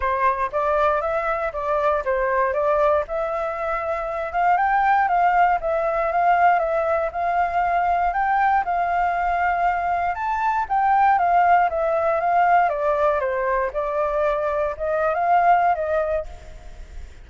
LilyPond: \new Staff \with { instrumentName = "flute" } { \time 4/4 \tempo 4 = 118 c''4 d''4 e''4 d''4 | c''4 d''4 e''2~ | e''8 f''8 g''4 f''4 e''4 | f''4 e''4 f''2 |
g''4 f''2. | a''4 g''4 f''4 e''4 | f''4 d''4 c''4 d''4~ | d''4 dis''8. f''4~ f''16 dis''4 | }